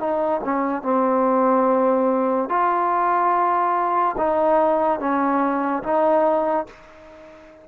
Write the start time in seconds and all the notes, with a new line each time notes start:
0.00 D#4
0.44 C#4
0.83 C4
2.50 F4
4.18 D#4
5.00 C#4
5.84 D#4